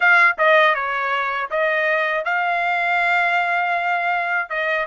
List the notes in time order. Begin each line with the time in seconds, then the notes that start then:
0.00 F5
0.38 D#5
0.74 C#5
1.50 D#5
2.24 F5
4.49 D#5